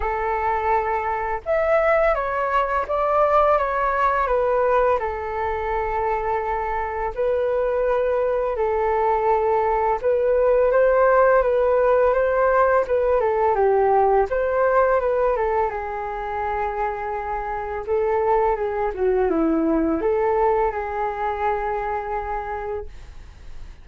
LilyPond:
\new Staff \with { instrumentName = "flute" } { \time 4/4 \tempo 4 = 84 a'2 e''4 cis''4 | d''4 cis''4 b'4 a'4~ | a'2 b'2 | a'2 b'4 c''4 |
b'4 c''4 b'8 a'8 g'4 | c''4 b'8 a'8 gis'2~ | gis'4 a'4 gis'8 fis'8 e'4 | a'4 gis'2. | }